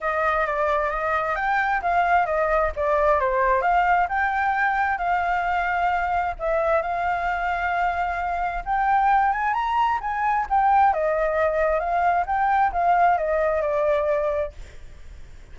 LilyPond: \new Staff \with { instrumentName = "flute" } { \time 4/4 \tempo 4 = 132 dis''4 d''4 dis''4 g''4 | f''4 dis''4 d''4 c''4 | f''4 g''2 f''4~ | f''2 e''4 f''4~ |
f''2. g''4~ | g''8 gis''8 ais''4 gis''4 g''4 | dis''2 f''4 g''4 | f''4 dis''4 d''2 | }